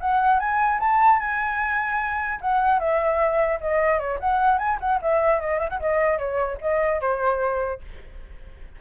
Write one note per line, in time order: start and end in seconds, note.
0.00 0.39 F#5
0.39 0.79 G#5
0.80 1.20 A5
1.20 2.40 G#5
2.41 2.79 F#5
2.79 3.59 E5
3.60 3.99 D#5
3.99 4.19 C#5
4.20 4.58 F#5
4.58 4.78 G#5
4.80 5.00 F#5
5.02 5.40 E5
5.40 5.59 D#5
5.59 5.69 E5
5.69 5.79 F#5
5.80 6.18 D#5
6.18 6.58 C#5
6.61 7.01 D#5
7.01 7.81 C5